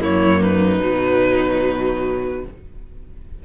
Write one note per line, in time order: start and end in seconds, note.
0.00 0.81 F#2
0.00 0.80 A#3
0.00 0.41 E4
0.00 0.42 C#5
0.41 2.43 D#4
0.41 2.45 B4
0.80 2.44 B2
0.80 2.42 F#3